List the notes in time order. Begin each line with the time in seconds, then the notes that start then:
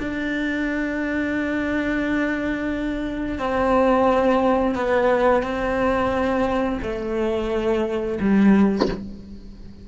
0.00 D4
3.39 C4
4.75 B3
5.43 C4
6.83 A3
8.20 G3